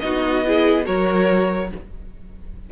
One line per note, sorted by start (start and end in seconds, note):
0.00 0.88 B3
0.00 0.45 D#4
0.00 0.46 F#4
0.00 0.85 D#5
0.45 0.85 E4
0.45 0.86 G#4
0.85 1.72 F#3
0.85 1.69 F#4
0.85 1.71 A#4
0.85 1.71 C#5